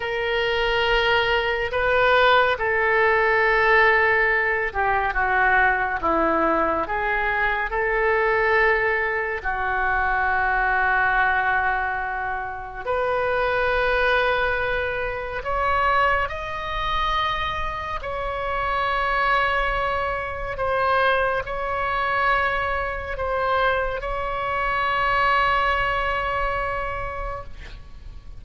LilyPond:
\new Staff \with { instrumentName = "oboe" } { \time 4/4 \tempo 4 = 70 ais'2 b'4 a'4~ | a'4. g'8 fis'4 e'4 | gis'4 a'2 fis'4~ | fis'2. b'4~ |
b'2 cis''4 dis''4~ | dis''4 cis''2. | c''4 cis''2 c''4 | cis''1 | }